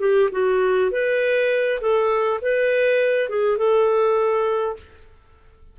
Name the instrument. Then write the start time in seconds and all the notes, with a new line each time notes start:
clarinet
0.00 G4
0.32 F#4
0.91 B4
1.81 A4
2.42 B4
3.29 G#4
3.58 A4